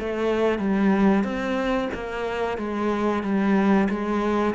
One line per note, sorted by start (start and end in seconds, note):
0.00 0.59 A3
0.59 1.24 G3
1.24 1.89 C4
1.94 2.58 A#3
2.58 3.23 G#3
3.23 3.88 G3
3.90 4.55 G#3